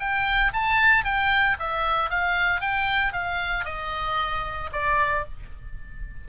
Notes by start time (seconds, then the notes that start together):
0.00 G5
0.54 A5
1.05 G5
1.59 E5
2.10 F5
2.61 G5
3.13 F5
3.65 D#5
4.72 D5